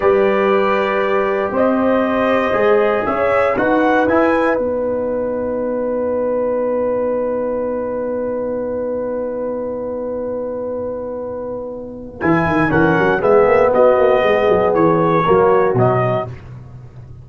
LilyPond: <<
  \new Staff \with { instrumentName = "trumpet" } { \time 4/4 \tempo 4 = 118 d''2. dis''4~ | dis''2 e''4 fis''4 | gis''4 fis''2.~ | fis''1~ |
fis''1~ | fis''1 | gis''4 fis''4 e''4 dis''4~ | dis''4 cis''2 dis''4 | }
  \new Staff \with { instrumentName = "horn" } { \time 4/4 b'2. c''4~ | c''2 cis''4 b'4~ | b'1~ | b'1~ |
b'1~ | b'1~ | b'4 ais'4 gis'4 fis'4 | gis'2 fis'2 | }
  \new Staff \with { instrumentName = "trombone" } { \time 4/4 g'1~ | g'4 gis'2 fis'4 | e'4 dis'2.~ | dis'1~ |
dis'1~ | dis'1 | e'4 cis'4 b2~ | b2 ais4 fis4 | }
  \new Staff \with { instrumentName = "tuba" } { \time 4/4 g2. c'4~ | c'4 gis4 cis'4 dis'4 | e'4 b2.~ | b1~ |
b1~ | b1 | e8 dis8 e8 fis8 gis8 ais8 b8 ais8 | gis8 fis8 e4 fis4 b,4 | }
>>